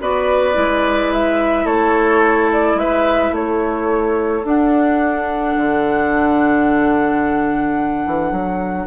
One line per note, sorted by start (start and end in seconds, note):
0.00 0.56 B3
0.00 0.53 F#4
0.00 1.65 B4
0.00 1.13 D5
0.53 1.65 G#3
0.53 4.42 E4
1.13 1.66 E5
1.65 2.75 A3
1.65 2.76 A4
1.65 2.50 C#5
2.53 2.79 D5
2.75 3.30 G#3
2.75 3.34 B4
2.75 3.34 E5
3.32 4.43 A3
3.32 8.87 A4
3.32 4.46 C#5
4.44 5.55 D4
4.44 8.87 D4
4.44 8.87 F#5
5.57 8.06 D3
8.06 8.31 E3
8.31 8.87 F#3